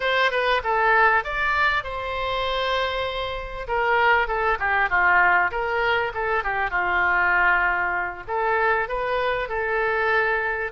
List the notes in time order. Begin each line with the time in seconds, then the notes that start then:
0.00 C5
0.31 B4
0.63 A4
1.24 D5
1.83 C5
3.67 A#4
4.27 A4
4.59 G4
4.89 F4
5.51 A#4
6.14 A4
6.43 G4
6.70 F4
8.27 A4
8.88 B4
9.49 A4